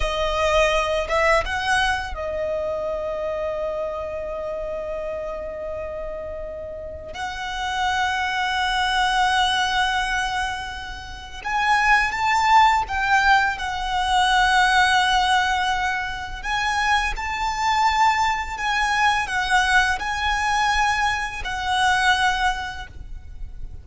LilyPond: \new Staff \with { instrumentName = "violin" } { \time 4/4 \tempo 4 = 84 dis''4. e''8 fis''4 dis''4~ | dis''1~ | dis''2 fis''2~ | fis''1 |
gis''4 a''4 g''4 fis''4~ | fis''2. gis''4 | a''2 gis''4 fis''4 | gis''2 fis''2 | }